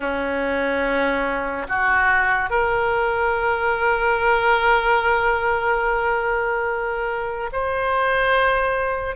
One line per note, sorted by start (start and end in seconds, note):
0.00 1.67 C#4
1.68 2.50 F#4
2.50 7.50 A#4
7.52 9.16 C5